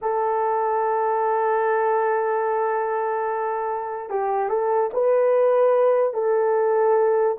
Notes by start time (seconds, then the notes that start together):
0.01 A4
4.09 G4
4.49 A4
4.93 B4
6.13 A4